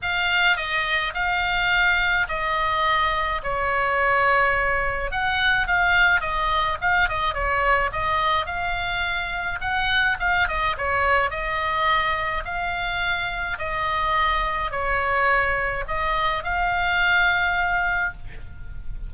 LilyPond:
\new Staff \with { instrumentName = "oboe" } { \time 4/4 \tempo 4 = 106 f''4 dis''4 f''2 | dis''2 cis''2~ | cis''4 fis''4 f''4 dis''4 | f''8 dis''8 cis''4 dis''4 f''4~ |
f''4 fis''4 f''8 dis''8 cis''4 | dis''2 f''2 | dis''2 cis''2 | dis''4 f''2. | }